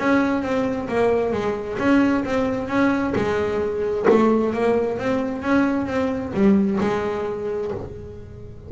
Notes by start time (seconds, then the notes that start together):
0.00 C#4
0.43 C4
0.89 A#3
1.33 G#3
1.79 C#4
2.25 C4
2.69 C#4
3.16 G#3
4.10 A3
4.54 A#3
4.99 C4
5.43 C#4
5.87 C4
6.34 G3
6.81 G#3